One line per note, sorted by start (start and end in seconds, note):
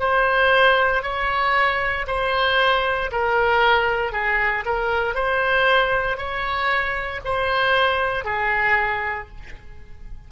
0.00 1.03 C5
1.03 2.06 C#5
2.07 3.11 C5
3.12 4.13 A#4
4.13 4.65 G#4
4.66 5.15 A#4
5.15 6.17 C5
6.17 7.21 C#5
7.25 8.25 C5
8.25 9.29 G#4